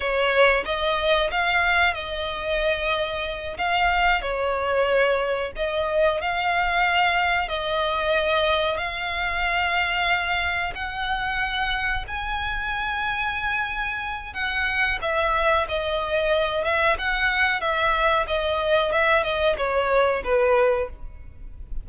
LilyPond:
\new Staff \with { instrumentName = "violin" } { \time 4/4 \tempo 4 = 92 cis''4 dis''4 f''4 dis''4~ | dis''4. f''4 cis''4.~ | cis''8 dis''4 f''2 dis''8~ | dis''4. f''2~ f''8~ |
f''8 fis''2 gis''4.~ | gis''2 fis''4 e''4 | dis''4. e''8 fis''4 e''4 | dis''4 e''8 dis''8 cis''4 b'4 | }